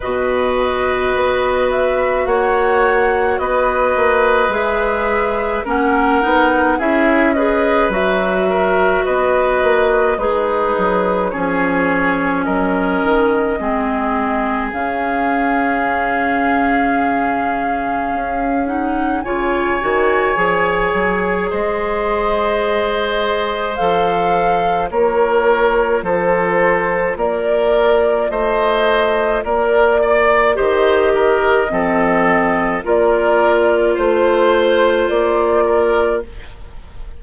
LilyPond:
<<
  \new Staff \with { instrumentName = "flute" } { \time 4/4 \tempo 4 = 53 dis''4. e''8 fis''4 dis''4 | e''4 fis''4 e''8 dis''8 e''4 | dis''4 b'4 cis''4 dis''4~ | dis''4 f''2.~ |
f''8 fis''8 gis''2 dis''4~ | dis''4 f''4 cis''4 c''4 | d''4 dis''4 d''4 dis''4~ | dis''4 d''4 c''4 d''4 | }
  \new Staff \with { instrumentName = "oboe" } { \time 4/4 b'2 cis''4 b'4~ | b'4 ais'4 gis'8 b'4 ais'8 | b'4 dis'4 gis'4 ais'4 | gis'1~ |
gis'4 cis''2 c''4~ | c''2 ais'4 a'4 | ais'4 c''4 ais'8 d''8 c''8 ais'8 | a'4 ais'4 c''4. ais'8 | }
  \new Staff \with { instrumentName = "clarinet" } { \time 4/4 fis'1 | gis'4 cis'8 dis'8 e'8 gis'8 fis'4~ | fis'4 gis'4 cis'2 | c'4 cis'2.~ |
cis'8 dis'8 f'8 fis'8 gis'2~ | gis'4 a'4 f'2~ | f'2. g'4 | c'4 f'2. | }
  \new Staff \with { instrumentName = "bassoon" } { \time 4/4 b,4 b4 ais4 b8 ais8 | gis4 ais8 b8 cis'4 fis4 | b8 ais8 gis8 fis8 f4 fis8 dis8 | gis4 cis2. |
cis'4 cis8 dis8 f8 fis8 gis4~ | gis4 f4 ais4 f4 | ais4 a4 ais4 dis4 | f4 ais4 a4 ais4 | }
>>